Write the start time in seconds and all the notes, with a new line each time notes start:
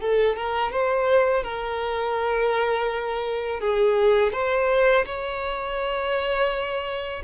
0.00 A4
0.35 A#4
0.71 C5
1.43 A#4
3.60 G#4
4.32 C5
5.05 C#5